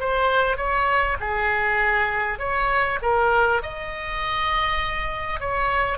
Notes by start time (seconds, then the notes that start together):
0.00 C5
0.57 C#5
1.20 G#4
2.39 C#5
3.02 A#4
3.63 D#5
5.41 C#5